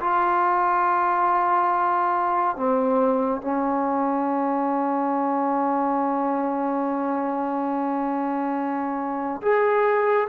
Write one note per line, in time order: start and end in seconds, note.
0.00 2.56 F4
2.56 3.41 C4
3.41 9.41 C#4
9.42 10.27 G#4